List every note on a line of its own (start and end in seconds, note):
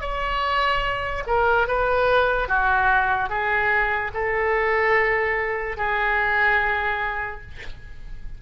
0.00 1.23 C#5
1.26 1.67 A#4
1.67 2.48 B4
2.48 3.29 F#4
3.29 4.11 G#4
4.14 5.77 A4
5.77 7.41 G#4